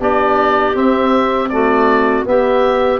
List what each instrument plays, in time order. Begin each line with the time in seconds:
0.00 tuba B3, trombone D4, clarinet G4, oboe D5
0.75 trombone C4, tuba C4, oboe E5
1.49 trombone A3, clarinet F#4, oboe D5
2.25 trombone B3, tuba B3, clarinet G4, oboe E5